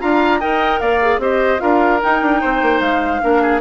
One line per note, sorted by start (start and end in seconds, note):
0.00 0.42 D4
0.00 0.40 F4
0.00 0.40 F5
0.00 0.40 A#5
0.40 0.81 D#4
0.40 1.01 A#4
0.40 0.80 D#5
0.40 0.79 G5
0.79 1.18 A#3
0.79 1.20 D5
0.79 1.19 F5
1.01 1.21 G#4
1.18 1.58 C4
1.18 1.58 G4
1.18 1.61 C5
1.18 1.59 D#5
1.58 2.02 D4
1.58 1.99 F4
1.58 2.41 A#4
1.58 2.00 F5
2.02 3.21 D#4
2.02 2.21 D#4
2.02 2.80 G5
2.21 2.42 D4
2.41 2.61 C4
2.41 3.21 C5
2.61 2.80 A#3
2.80 3.21 G#3
2.80 3.60 F5
3.21 3.61 A#3
3.21 3.61 D4
3.21 3.42 A#4
3.42 3.61 G#4